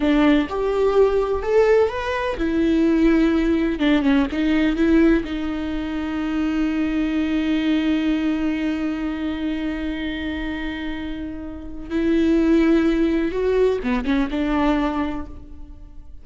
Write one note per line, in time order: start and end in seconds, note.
0.00 0.48 D4
0.49 1.42 G4
1.42 1.89 A4
1.89 2.36 B4
2.37 3.79 E4
3.79 4.02 D4
4.02 4.26 C#4
4.31 4.76 D#4
4.76 5.23 E4
5.24 11.90 D#4
11.90 13.31 E4
13.31 13.79 F#4
13.83 14.04 B3
14.04 14.28 C#4
14.30 15.26 D4